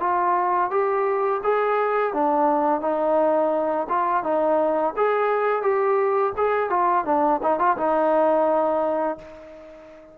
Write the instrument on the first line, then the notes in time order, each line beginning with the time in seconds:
trombone
0.00 F4
0.71 G4
1.44 G#4
2.13 D4
2.81 D#4
3.89 F4
4.24 D#4
4.97 G#4
5.62 G4
6.37 G#4
6.70 F4
7.05 D4
7.43 D#4
7.59 F4
7.77 D#4